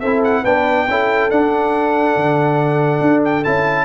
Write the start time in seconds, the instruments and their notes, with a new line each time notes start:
0.00 tuba C4, trombone E4, horn A4, trumpet E5
0.24 trumpet F#5
0.43 tuba B3, trombone D4, horn B4, trumpet G5
0.88 tuba C#4, trombone E4, horn A4
1.31 tuba D4, trombone D4, trumpet F#5
2.16 tuba D3
3.01 tuba D4
3.25 trumpet G5
3.44 tuba C#4, trombone E4, trumpet A5